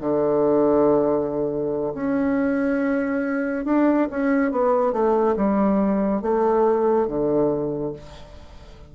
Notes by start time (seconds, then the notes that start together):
0.00 D3
1.94 C#4
3.65 D4
4.10 C#4
4.51 B3
4.92 A3
5.36 G3
6.21 A3
7.07 D3